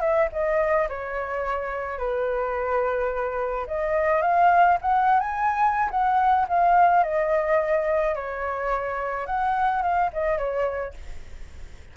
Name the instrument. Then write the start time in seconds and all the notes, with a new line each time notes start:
flute
0.00 E5
0.32 D#5
0.89 C#5
1.98 B4
3.67 D#5
4.21 F5
4.81 F#5
5.19 G#5
5.90 F#5
6.48 F5
7.03 D#5
8.15 C#5
9.26 F#5
9.82 F5
10.13 D#5
10.37 C#5